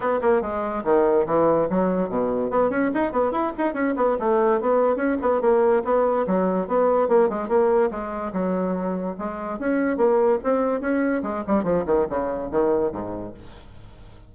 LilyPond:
\new Staff \with { instrumentName = "bassoon" } { \time 4/4 \tempo 4 = 144 b8 ais8 gis4 dis4 e4 | fis4 b,4 b8 cis'8 dis'8 b8 | e'8 dis'8 cis'8 b8 a4 b4 | cis'8 b8 ais4 b4 fis4 |
b4 ais8 gis8 ais4 gis4 | fis2 gis4 cis'4 | ais4 c'4 cis'4 gis8 g8 | f8 dis8 cis4 dis4 gis,4 | }